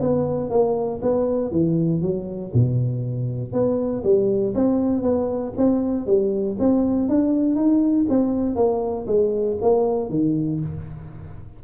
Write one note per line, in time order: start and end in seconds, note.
0.00 0.50 B3
0.50 1.00 A#3
1.02 1.51 B3
1.51 2.01 E3
2.01 2.51 F#3
2.53 3.52 B2
3.52 4.03 B3
4.03 4.54 G3
4.54 5.02 C4
5.02 5.53 B3
5.57 6.06 C4
6.06 6.56 G3
6.59 7.09 C4
7.09 7.55 D4
7.55 8.06 D#4
8.09 8.55 C4
8.55 9.06 A#3
9.06 9.57 G#3
9.61 10.09 A#3
10.09 10.60 D#3